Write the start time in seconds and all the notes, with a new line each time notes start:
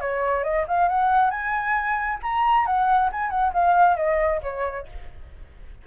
0.00 C#5
0.43 D#5
0.68 F5
0.88 F#5
1.30 G#5
2.22 A#5
2.66 F#5
3.12 G#5
3.30 F#5
3.53 F5
3.96 D#5
4.42 C#5